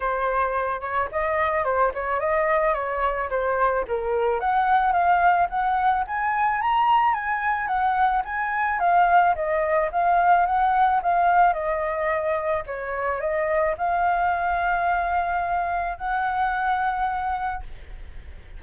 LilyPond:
\new Staff \with { instrumentName = "flute" } { \time 4/4 \tempo 4 = 109 c''4. cis''8 dis''4 c''8 cis''8 | dis''4 cis''4 c''4 ais'4 | fis''4 f''4 fis''4 gis''4 | ais''4 gis''4 fis''4 gis''4 |
f''4 dis''4 f''4 fis''4 | f''4 dis''2 cis''4 | dis''4 f''2.~ | f''4 fis''2. | }